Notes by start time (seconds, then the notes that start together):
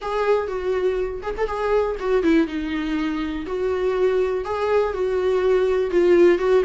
0.01 G#4
0.47 F#4
1.22 G#4
1.37 A4
1.46 G#4
1.99 F#4
2.23 E4
2.47 D#4
3.46 F#4
4.44 G#4
4.93 F#4
5.90 F4
6.38 F#4